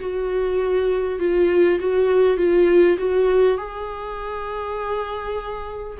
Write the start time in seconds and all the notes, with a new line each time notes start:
0.00 F#4
1.19 F4
1.80 F#4
2.37 F4
2.98 F#4
3.58 G#4